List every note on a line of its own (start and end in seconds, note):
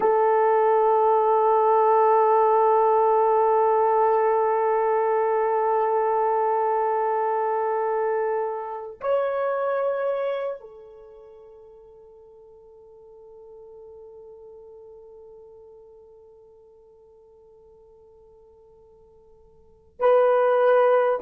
0.00 9.00 A4
9.00 10.60 C#5
10.60 19.99 A4
19.99 21.19 B4